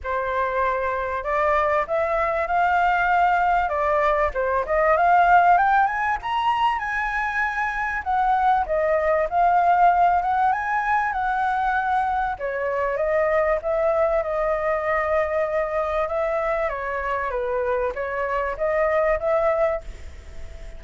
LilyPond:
\new Staff \with { instrumentName = "flute" } { \time 4/4 \tempo 4 = 97 c''2 d''4 e''4 | f''2 d''4 c''8 dis''8 | f''4 g''8 gis''8 ais''4 gis''4~ | gis''4 fis''4 dis''4 f''4~ |
f''8 fis''8 gis''4 fis''2 | cis''4 dis''4 e''4 dis''4~ | dis''2 e''4 cis''4 | b'4 cis''4 dis''4 e''4 | }